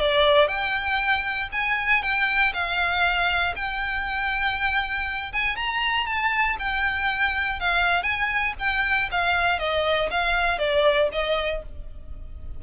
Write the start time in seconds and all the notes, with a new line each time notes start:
0.00 D5
0.48 G5
1.52 G#5
2.03 G5
2.53 F5
3.56 G5
5.32 G#5
5.56 A#5
6.06 A5
6.59 G5
7.60 F5
8.03 G#5
8.59 G5
9.11 F5
9.59 D#5
10.10 F5
10.59 D5
11.12 D#5